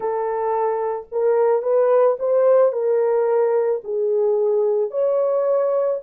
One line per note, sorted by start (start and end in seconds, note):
0.00 1.06 A4
1.11 1.62 A#4
1.62 2.17 B4
2.19 2.72 C5
2.72 3.81 A#4
3.84 4.91 G#4
4.91 6.00 C#5